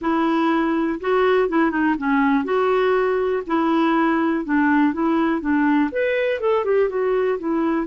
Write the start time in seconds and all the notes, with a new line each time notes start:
0.01 E4
1.00 F#4
1.48 E4
1.70 D#4
1.98 C#4
2.44 F#4
3.46 E4
4.45 D4
4.93 E4
5.40 D4
5.91 B4
6.40 A4
6.64 G4
6.89 F#4
7.39 E4